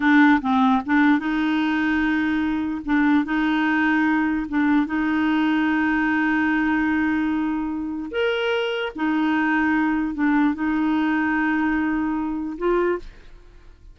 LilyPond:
\new Staff \with { instrumentName = "clarinet" } { \time 4/4 \tempo 4 = 148 d'4 c'4 d'4 dis'4~ | dis'2. d'4 | dis'2. d'4 | dis'1~ |
dis'1 | ais'2 dis'2~ | dis'4 d'4 dis'2~ | dis'2. f'4 | }